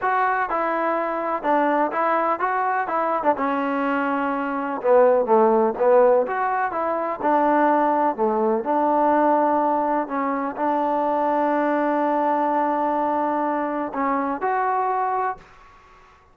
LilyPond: \new Staff \with { instrumentName = "trombone" } { \time 4/4 \tempo 4 = 125 fis'4 e'2 d'4 | e'4 fis'4 e'8. d'16 cis'4~ | cis'2 b4 a4 | b4 fis'4 e'4 d'4~ |
d'4 a4 d'2~ | d'4 cis'4 d'2~ | d'1~ | d'4 cis'4 fis'2 | }